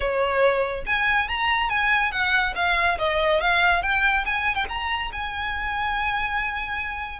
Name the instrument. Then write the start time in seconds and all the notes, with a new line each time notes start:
violin
0.00 C#5
0.86 G#5
1.28 A#5
1.69 G#5
2.11 F#5
2.55 F5
2.98 D#5
3.40 F5
3.82 G5
4.25 G#5
4.55 G5
4.68 A#5
5.12 G#5